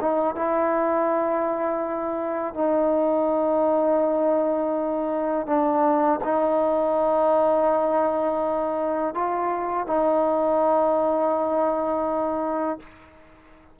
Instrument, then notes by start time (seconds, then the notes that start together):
trombone
0.00 D#4
0.35 E4
2.54 D#4
5.46 D4
6.24 D#4
9.14 F4
9.86 D#4